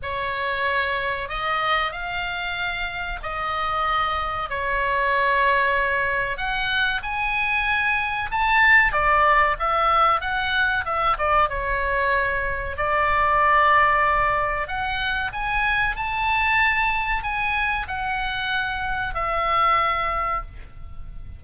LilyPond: \new Staff \with { instrumentName = "oboe" } { \time 4/4 \tempo 4 = 94 cis''2 dis''4 f''4~ | f''4 dis''2 cis''4~ | cis''2 fis''4 gis''4~ | gis''4 a''4 d''4 e''4 |
fis''4 e''8 d''8 cis''2 | d''2. fis''4 | gis''4 a''2 gis''4 | fis''2 e''2 | }